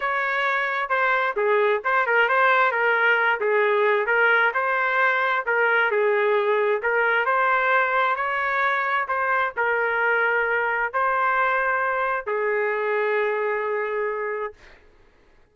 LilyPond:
\new Staff \with { instrumentName = "trumpet" } { \time 4/4 \tempo 4 = 132 cis''2 c''4 gis'4 | c''8 ais'8 c''4 ais'4. gis'8~ | gis'4 ais'4 c''2 | ais'4 gis'2 ais'4 |
c''2 cis''2 | c''4 ais'2. | c''2. gis'4~ | gis'1 | }